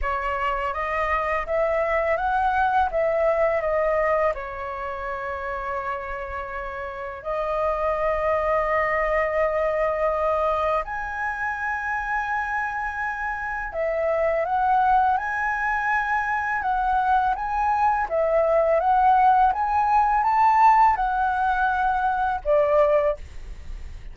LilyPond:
\new Staff \with { instrumentName = "flute" } { \time 4/4 \tempo 4 = 83 cis''4 dis''4 e''4 fis''4 | e''4 dis''4 cis''2~ | cis''2 dis''2~ | dis''2. gis''4~ |
gis''2. e''4 | fis''4 gis''2 fis''4 | gis''4 e''4 fis''4 gis''4 | a''4 fis''2 d''4 | }